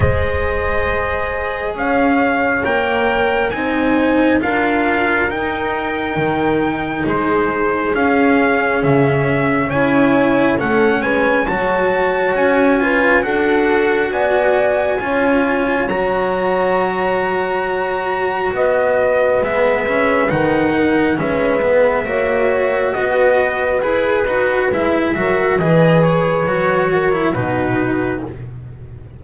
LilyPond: <<
  \new Staff \with { instrumentName = "trumpet" } { \time 4/4 \tempo 4 = 68 dis''2 f''4 g''4 | gis''4 f''4 g''2 | c''4 f''4 e''4 gis''4 | fis''8 gis''8 a''4 gis''4 fis''4 |
gis''2 ais''2~ | ais''4 dis''4 e''4 fis''4 | e''2 dis''4 b'4 | e''4 dis''8 cis''4. b'4 | }
  \new Staff \with { instrumentName = "horn" } { \time 4/4 c''2 cis''2 | c''4 ais'2. | gis'2. cis''4 | a'8 b'8 cis''4. b'8 a'4 |
d''4 cis''2.~ | cis''4 b'2~ b'8 ais'8 | b'4 cis''4 b'2~ | b'8 ais'8 b'4. ais'8 fis'4 | }
  \new Staff \with { instrumentName = "cello" } { \time 4/4 gis'2. ais'4 | dis'4 f'4 dis'2~ | dis'4 cis'2 e'4 | cis'4 fis'4. f'8 fis'4~ |
fis'4 f'4 fis'2~ | fis'2 b8 cis'8 dis'4 | cis'8 b8 fis'2 gis'8 fis'8 | e'8 fis'8 gis'4 fis'8. e'16 dis'4 | }
  \new Staff \with { instrumentName = "double bass" } { \time 4/4 gis2 cis'4 ais4 | c'4 d'4 dis'4 dis4 | gis4 cis'4 cis4 cis'4 | a8 gis8 fis4 cis'4 d'4 |
b4 cis'4 fis2~ | fis4 b4 gis4 dis4 | gis4 ais4 b4 e'8 dis'8 | gis8 fis8 e4 fis4 b,4 | }
>>